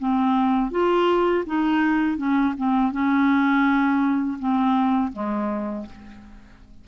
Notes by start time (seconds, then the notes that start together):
0.00 C4
0.72 F4
1.47 D#4
2.18 C#4
2.58 C4
2.92 C#4
4.39 C4
5.13 G#3